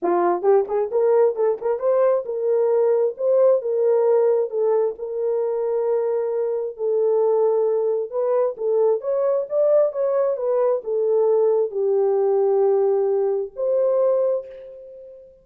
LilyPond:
\new Staff \with { instrumentName = "horn" } { \time 4/4 \tempo 4 = 133 f'4 g'8 gis'8 ais'4 a'8 ais'8 | c''4 ais'2 c''4 | ais'2 a'4 ais'4~ | ais'2. a'4~ |
a'2 b'4 a'4 | cis''4 d''4 cis''4 b'4 | a'2 g'2~ | g'2 c''2 | }